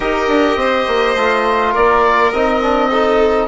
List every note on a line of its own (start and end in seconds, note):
0.00 0.27 D#4
0.00 1.16 G4
0.00 0.58 A#4
0.00 1.74 D#5
0.27 0.56 D4
0.56 0.85 C4
0.56 1.71 C5
0.87 1.15 A#3
1.15 1.73 A3
1.15 2.33 F4
1.71 2.32 A#3
1.71 2.87 A#4
1.71 2.32 D5
2.32 3.47 C4
2.32 2.61 D#4
2.32 3.47 D#5
2.61 2.91 D4
2.90 3.47 D#4
2.90 3.47 A4